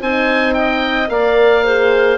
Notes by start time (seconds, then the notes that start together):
0.00 C4 D#4 C5 G#5
0.54 D#5 G5
1.07 A#3 A#4 D5 F5
1.64 G#4 C5